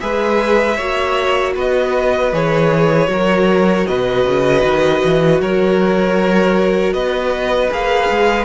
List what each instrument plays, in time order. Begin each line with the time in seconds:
0.00 cello G#3, viola G#4, violin B4 E5
0.76 cello A#3, viola F#4, violin C#5
1.55 cello B3, violin B4 D#5
2.32 cello E3, viola G#4, violin C#5
3.07 cello F#3, viola F#4, violin A#4
3.87 cello B2, violin B4 D#5
4.25 cello C#3
4.64 cello D#3
5.04 cello E3
5.39 cello F#3, violin A#4 C#5
6.93 cello B3, violin B4 D#5
7.70 cello A#3, viola G#4, violin F5
8.10 cello G#3